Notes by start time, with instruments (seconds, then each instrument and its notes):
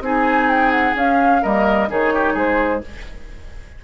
0.00 bassoon C4, clarinet D#4, oboe G#4, flute G#5
0.49 flute G5
0.71 flute F#5
0.95 bassoon C#4, clarinet C#4, flute F5
1.42 bassoon G3, clarinet A#3, oboe A#4, flute D#5
1.88 bassoon D#3, clarinet D#4, oboe G#4, flute C#5
2.14 oboe G4
2.33 bassoon G#3, oboe G#4, flute C5